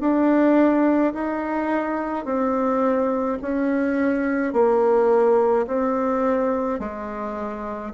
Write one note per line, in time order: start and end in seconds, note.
0.00 1.13 D4
1.14 2.25 D#4
2.25 3.38 C4
3.42 4.53 C#4
4.53 5.66 A#3
5.67 6.79 C4
6.79 7.92 G#3